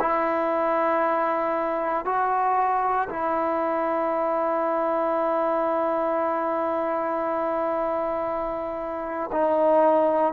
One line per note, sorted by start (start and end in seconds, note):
0.00 2.05 E4
2.05 3.09 F#4
3.10 9.31 E4
9.32 10.34 D#4